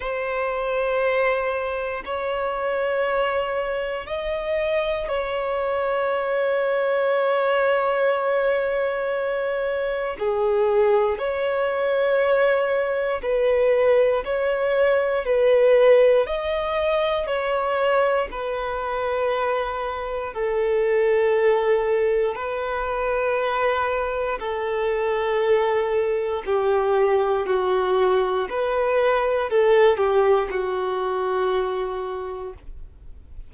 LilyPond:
\new Staff \with { instrumentName = "violin" } { \time 4/4 \tempo 4 = 59 c''2 cis''2 | dis''4 cis''2.~ | cis''2 gis'4 cis''4~ | cis''4 b'4 cis''4 b'4 |
dis''4 cis''4 b'2 | a'2 b'2 | a'2 g'4 fis'4 | b'4 a'8 g'8 fis'2 | }